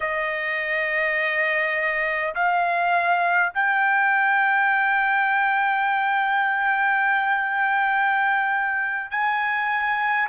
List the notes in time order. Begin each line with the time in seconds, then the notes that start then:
0.00 D#5
2.35 F5
3.53 G5
9.10 G#5